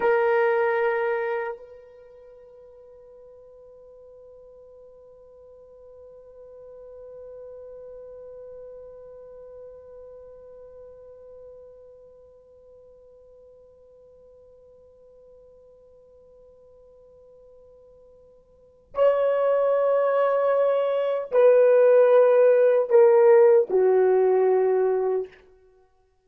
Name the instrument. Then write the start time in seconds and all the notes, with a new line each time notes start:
horn
0.00 A#4
1.57 B4
18.94 C#5
21.31 B4
22.89 A#4
23.69 F#4